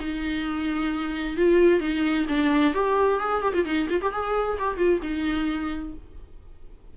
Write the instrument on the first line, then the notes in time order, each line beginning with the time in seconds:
viola
0.00 D#4
1.37 F4
1.80 D#4
2.29 D4
2.74 G4
3.20 G#4
3.42 G4
3.54 F4
3.65 D#4
3.90 F4
4.02 G4
4.12 G#4
4.59 G4
4.77 F4
5.02 D#4